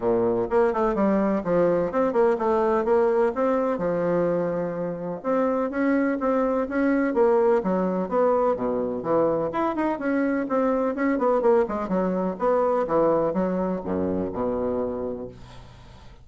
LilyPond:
\new Staff \with { instrumentName = "bassoon" } { \time 4/4 \tempo 4 = 126 ais,4 ais8 a8 g4 f4 | c'8 ais8 a4 ais4 c'4 | f2. c'4 | cis'4 c'4 cis'4 ais4 |
fis4 b4 b,4 e4 | e'8 dis'8 cis'4 c'4 cis'8 b8 | ais8 gis8 fis4 b4 e4 | fis4 fis,4 b,2 | }